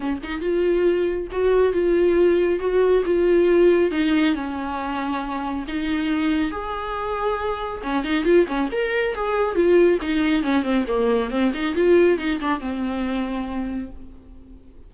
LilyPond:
\new Staff \with { instrumentName = "viola" } { \time 4/4 \tempo 4 = 138 cis'8 dis'8 f'2 fis'4 | f'2 fis'4 f'4~ | f'4 dis'4 cis'2~ | cis'4 dis'2 gis'4~ |
gis'2 cis'8 dis'8 f'8 cis'8 | ais'4 gis'4 f'4 dis'4 | cis'8 c'8 ais4 c'8 dis'8 f'4 | dis'8 d'8 c'2. | }